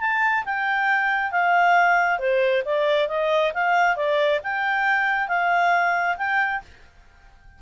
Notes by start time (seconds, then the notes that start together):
0.00 A5
0.45 G5
1.31 F5
2.19 C5
2.65 D5
3.08 D#5
3.54 F5
3.96 D5
4.43 G5
5.28 F5
6.17 G5